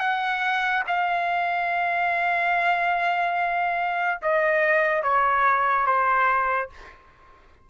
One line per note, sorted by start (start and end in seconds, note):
0.00 0.83 F#5
0.87 4.21 F5
4.22 5.03 D#5
5.03 5.86 C#5
5.86 6.70 C5